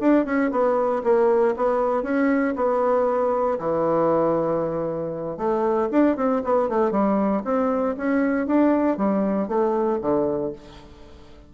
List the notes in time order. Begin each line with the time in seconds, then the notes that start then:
0.00 D4
0.25 C#4
0.51 B3
1.03 A#3
1.56 B3
2.03 C#4
2.56 B3
3.59 E3
5.37 A3
5.91 D4
6.16 C4
6.44 B3
6.69 A3
6.91 G3
7.44 C4
7.97 C#4
8.46 D4
8.97 G3
9.48 A3
10.01 D3